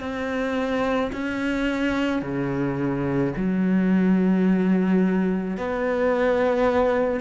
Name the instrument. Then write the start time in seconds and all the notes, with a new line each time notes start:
cello
0.00 C4
1.12 C#4
2.22 C#3
3.36 F#3
5.57 B3